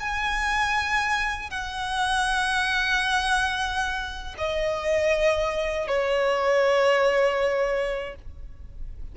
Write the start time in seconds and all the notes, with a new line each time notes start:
0.00 G#5
1.51 F#5
4.38 D#5
5.88 C#5